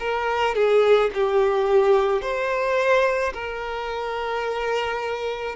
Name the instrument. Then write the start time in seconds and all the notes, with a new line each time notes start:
violin
0.00 A#4
0.55 G#4
1.14 G4
2.22 C5
3.34 A#4